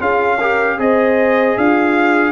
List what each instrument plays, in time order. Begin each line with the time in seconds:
0.00 tuba C#4, trombone F4, horn G#4, trumpet F5
0.39 trombone G4, horn A#4
0.79 tuba C4, trombone G#4, horn C5, trumpet D#5
1.58 tuba D4, horn F4, trumpet F5